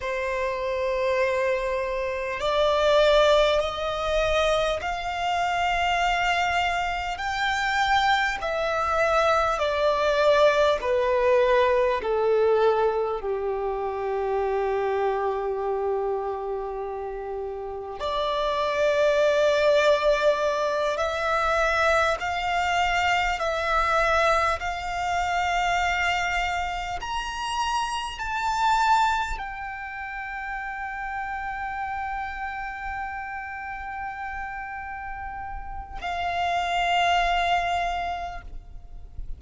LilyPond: \new Staff \with { instrumentName = "violin" } { \time 4/4 \tempo 4 = 50 c''2 d''4 dis''4 | f''2 g''4 e''4 | d''4 b'4 a'4 g'4~ | g'2. d''4~ |
d''4. e''4 f''4 e''8~ | e''8 f''2 ais''4 a''8~ | a''8 g''2.~ g''8~ | g''2 f''2 | }